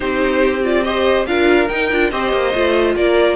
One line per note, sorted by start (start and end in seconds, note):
0.00 1.27 C4
0.00 0.61 D#4
0.00 0.84 G4
0.00 0.63 C5
0.63 0.84 F4
0.63 0.83 D5
0.83 1.26 G4
0.83 1.27 C5
0.83 1.25 D#5
1.27 1.69 D4
1.27 1.69 F4
1.27 2.10 A#4
1.27 1.68 F5
1.68 1.90 D#4
1.68 1.91 D#4
1.68 2.10 G5
1.91 2.11 D4
1.91 2.11 F4
2.10 2.32 C4
2.10 2.53 G4
2.10 2.95 C5
2.10 2.95 D#5
2.32 2.53 A#3
2.54 2.95 A3
2.54 3.35 F4
2.95 3.35 A#3
2.95 3.35 A#4
2.95 3.35 D5